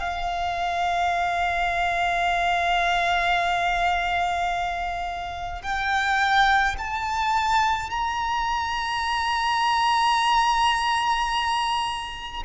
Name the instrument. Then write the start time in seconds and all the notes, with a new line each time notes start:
violin
0.00 F5
5.62 G5
6.78 A5
7.90 A#5